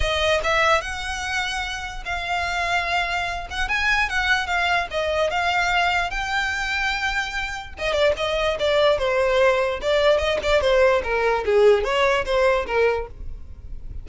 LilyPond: \new Staff \with { instrumentName = "violin" } { \time 4/4 \tempo 4 = 147 dis''4 e''4 fis''2~ | fis''4 f''2.~ | f''8 fis''8 gis''4 fis''4 f''4 | dis''4 f''2 g''4~ |
g''2. dis''8 d''8 | dis''4 d''4 c''2 | d''4 dis''8 d''8 c''4 ais'4 | gis'4 cis''4 c''4 ais'4 | }